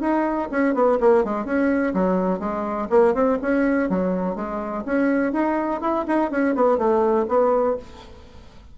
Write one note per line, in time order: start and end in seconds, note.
0.00 0.48 D#4
0.51 0.74 C#4
0.74 0.98 B3
1.00 1.24 A#3
1.24 1.45 G#3
1.45 1.94 C#4
1.94 2.40 F#3
2.40 2.88 G#3
2.90 3.14 A#3
3.14 3.38 C4
3.42 3.90 C#4
3.90 4.35 F#3
4.35 4.84 G#3
4.85 5.32 C#4
5.32 5.81 D#4
5.81 6.05 E4
6.07 6.31 D#4
6.31 6.55 C#4
6.55 6.78 B3
6.78 7.26 A3
7.28 7.77 B3